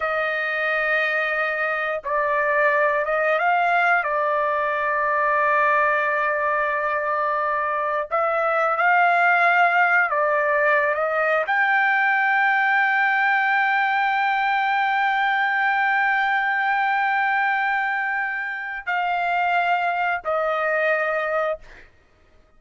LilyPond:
\new Staff \with { instrumentName = "trumpet" } { \time 4/4 \tempo 4 = 89 dis''2. d''4~ | d''8 dis''8 f''4 d''2~ | d''1 | e''4 f''2 d''4~ |
d''16 dis''8. g''2.~ | g''1~ | g''1 | f''2 dis''2 | }